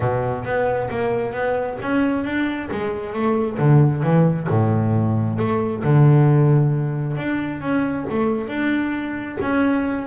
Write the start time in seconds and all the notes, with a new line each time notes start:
0.00 B2
0.44 B3
0.90 A#3
1.33 B3
1.82 C#4
2.24 D4
2.71 G#3
3.13 A3
3.58 D3
4.03 E3
4.49 A2
5.38 A3
5.83 D3
7.16 D4
7.60 C#4
8.10 A3
8.48 D4
9.41 C#4